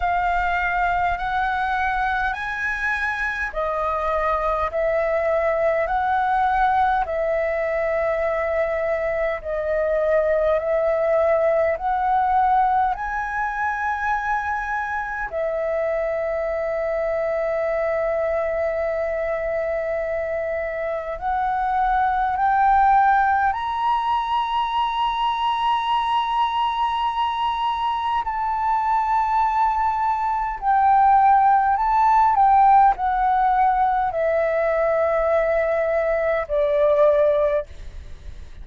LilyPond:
\new Staff \with { instrumentName = "flute" } { \time 4/4 \tempo 4 = 51 f''4 fis''4 gis''4 dis''4 | e''4 fis''4 e''2 | dis''4 e''4 fis''4 gis''4~ | gis''4 e''2.~ |
e''2 fis''4 g''4 | ais''1 | a''2 g''4 a''8 g''8 | fis''4 e''2 d''4 | }